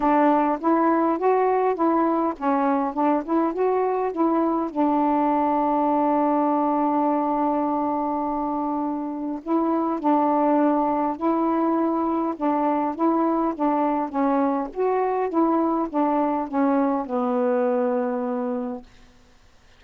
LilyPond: \new Staff \with { instrumentName = "saxophone" } { \time 4/4 \tempo 4 = 102 d'4 e'4 fis'4 e'4 | cis'4 d'8 e'8 fis'4 e'4 | d'1~ | d'1 |
e'4 d'2 e'4~ | e'4 d'4 e'4 d'4 | cis'4 fis'4 e'4 d'4 | cis'4 b2. | }